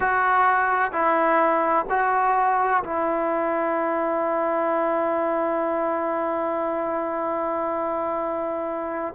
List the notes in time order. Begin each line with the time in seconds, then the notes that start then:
0.00 F#4
0.92 E4
1.89 F#4
2.83 E4